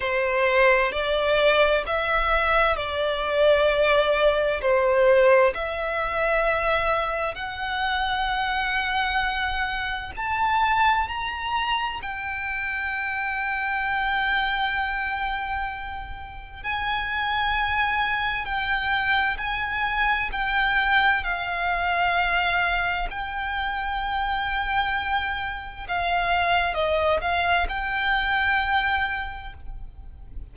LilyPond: \new Staff \with { instrumentName = "violin" } { \time 4/4 \tempo 4 = 65 c''4 d''4 e''4 d''4~ | d''4 c''4 e''2 | fis''2. a''4 | ais''4 g''2.~ |
g''2 gis''2 | g''4 gis''4 g''4 f''4~ | f''4 g''2. | f''4 dis''8 f''8 g''2 | }